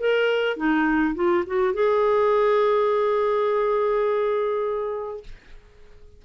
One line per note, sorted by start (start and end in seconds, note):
0.00 0.57 A#4
0.57 1.15 D#4
1.15 1.45 F4
1.47 1.74 F#4
1.74 5.24 G#4